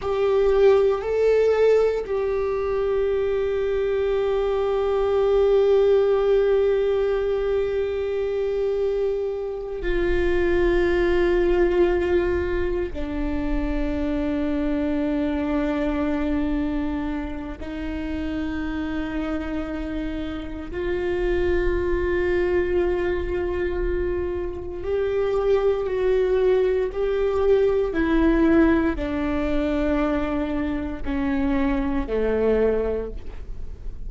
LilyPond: \new Staff \with { instrumentName = "viola" } { \time 4/4 \tempo 4 = 58 g'4 a'4 g'2~ | g'1~ | g'4. f'2~ f'8~ | f'8 d'2.~ d'8~ |
d'4 dis'2. | f'1 | g'4 fis'4 g'4 e'4 | d'2 cis'4 a4 | }